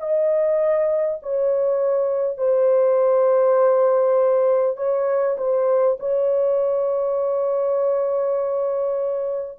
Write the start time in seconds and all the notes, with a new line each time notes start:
0.00 D#5
1.23 C#5
2.38 C5
4.77 C#5
5.38 C5
6.00 C#5